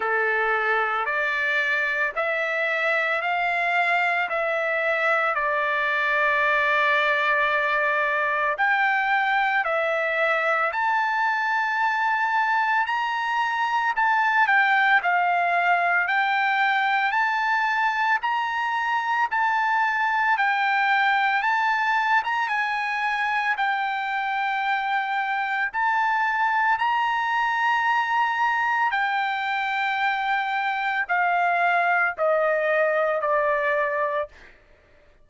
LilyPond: \new Staff \with { instrumentName = "trumpet" } { \time 4/4 \tempo 4 = 56 a'4 d''4 e''4 f''4 | e''4 d''2. | g''4 e''4 a''2 | ais''4 a''8 g''8 f''4 g''4 |
a''4 ais''4 a''4 g''4 | a''8. ais''16 gis''4 g''2 | a''4 ais''2 g''4~ | g''4 f''4 dis''4 d''4 | }